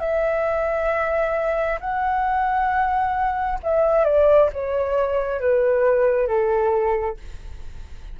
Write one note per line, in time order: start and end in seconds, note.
0.00 1.79 E5
1.80 3.59 F#5
3.63 4.05 E5
4.05 4.50 D5
4.53 5.41 C#5
5.41 6.27 B4
6.27 7.17 A4